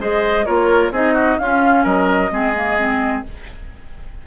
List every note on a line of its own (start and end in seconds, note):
0.00 0.47 G#3
0.00 0.46 G#4
0.00 0.46 C5
0.00 0.46 D#5
0.46 0.91 A#3
0.46 0.92 F4
0.46 0.93 A#4
0.46 0.92 C#5
0.91 1.38 C4
0.91 1.40 D#4
0.91 1.14 G#4
0.91 1.39 D#5
1.14 1.37 F#4
1.39 1.86 C#4
1.39 2.31 C#4
1.39 1.84 F4
1.39 1.85 F5
1.84 2.31 F#3
1.84 2.31 A#4
1.84 3.25 D#5
2.31 3.24 G#3
2.31 2.54 C4
2.31 3.27 G#4
2.55 2.78 A#3
2.78 3.25 C4